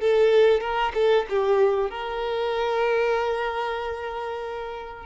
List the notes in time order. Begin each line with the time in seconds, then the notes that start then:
0.00 A4
0.60 A#4
0.94 A4
1.29 G4
1.90 A#4